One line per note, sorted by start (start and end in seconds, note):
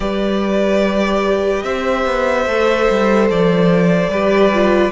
0.00 1.63 G3
0.00 2.47 G4
0.00 1.65 B4
0.00 1.63 D5
1.63 2.05 C4
1.63 4.10 C5
1.63 3.27 E5
2.05 2.46 B3
2.46 2.87 A3
2.46 4.11 A4
2.90 3.30 G3
3.30 4.08 F3
3.30 4.91 D5
4.08 4.90 G3
4.08 4.52 G4
4.08 4.91 B4
4.53 4.91 F4